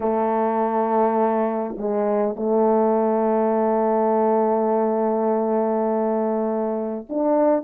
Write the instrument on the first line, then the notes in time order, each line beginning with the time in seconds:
horn
0.00 A3
1.77 G#3
2.36 A3
7.09 D4